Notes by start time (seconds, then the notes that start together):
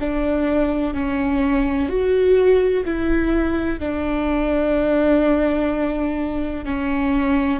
0.00 D4
0.94 C#4
1.89 F#4
2.85 E4
3.79 D4
6.65 C#4